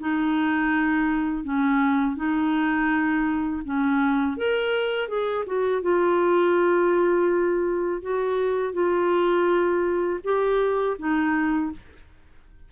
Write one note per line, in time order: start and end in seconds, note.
0.00 1.44 D#4
1.44 2.17 C#4
2.17 3.63 D#4
3.65 4.37 C#4
4.37 5.09 A#4
5.09 5.45 G#4
5.46 5.82 F#4
5.82 8.02 F4
8.02 8.74 F#4
8.74 10.20 F4
10.24 10.97 G4
10.99 11.72 D#4